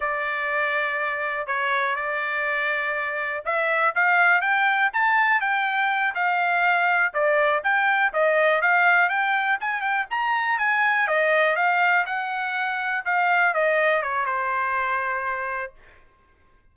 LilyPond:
\new Staff \with { instrumentName = "trumpet" } { \time 4/4 \tempo 4 = 122 d''2. cis''4 | d''2. e''4 | f''4 g''4 a''4 g''4~ | g''8 f''2 d''4 g''8~ |
g''8 dis''4 f''4 g''4 gis''8 | g''8 ais''4 gis''4 dis''4 f''8~ | f''8 fis''2 f''4 dis''8~ | dis''8 cis''8 c''2. | }